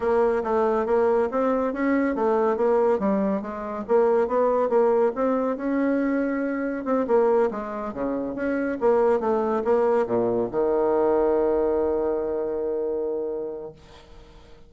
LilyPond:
\new Staff \with { instrumentName = "bassoon" } { \time 4/4 \tempo 4 = 140 ais4 a4 ais4 c'4 | cis'4 a4 ais4 g4 | gis4 ais4 b4 ais4 | c'4 cis'2. |
c'8 ais4 gis4 cis4 cis'8~ | cis'8 ais4 a4 ais4 ais,8~ | ais,8 dis2.~ dis8~ | dis1 | }